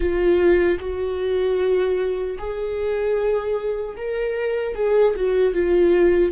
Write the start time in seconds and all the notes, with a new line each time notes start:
0.00 F4
0.79 F#4
2.38 G#4
3.97 A#4
4.74 G#4
5.16 F#4
5.53 F4